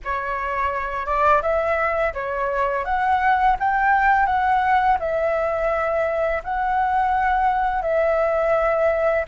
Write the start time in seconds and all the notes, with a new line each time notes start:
0.04 C#5
1.06 D5
1.42 E5
2.13 C#5
2.84 F#5
3.59 G5
4.26 F#5
4.99 E5
6.43 F#5
7.81 E5